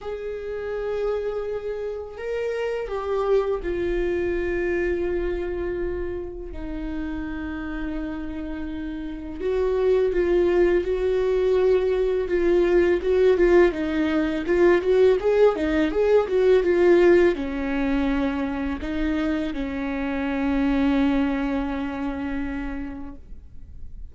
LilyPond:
\new Staff \with { instrumentName = "viola" } { \time 4/4 \tempo 4 = 83 gis'2. ais'4 | g'4 f'2.~ | f'4 dis'2.~ | dis'4 fis'4 f'4 fis'4~ |
fis'4 f'4 fis'8 f'8 dis'4 | f'8 fis'8 gis'8 dis'8 gis'8 fis'8 f'4 | cis'2 dis'4 cis'4~ | cis'1 | }